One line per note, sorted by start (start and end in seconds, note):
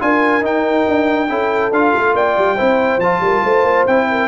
0.00 0.41 D4
0.00 0.42 F4
0.00 1.30 A#4
0.00 0.45 G#5
0.41 0.84 D#4
0.41 1.28 D#4
0.41 1.73 G5
0.88 1.30 D4
1.30 1.72 C#4
1.30 1.72 E4
1.30 2.15 A4
1.72 1.93 D4
1.72 2.57 F4
1.72 2.16 F5
1.96 2.14 A3
2.14 2.35 A#3
2.14 2.56 D5
2.14 3.01 G5
2.38 2.59 G3
2.56 2.98 C4
2.56 3.00 E4
2.56 3.20 C5
2.98 3.19 F3
2.98 3.89 F4
2.98 3.86 A5
3.21 3.42 G3
3.21 3.43 A#4
3.43 3.63 A3
3.43 4.08 C5
3.63 3.85 A#3
3.87 4.28 C4
3.87 4.28 E4
3.87 4.28 G5
4.11 4.28 A#4